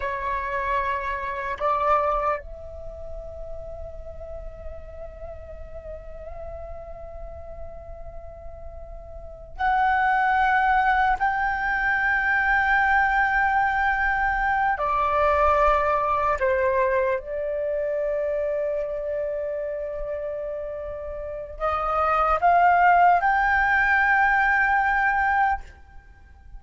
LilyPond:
\new Staff \with { instrumentName = "flute" } { \time 4/4 \tempo 4 = 75 cis''2 d''4 e''4~ | e''1~ | e''1 | fis''2 g''2~ |
g''2~ g''8 d''4.~ | d''8 c''4 d''2~ d''8~ | d''2. dis''4 | f''4 g''2. | }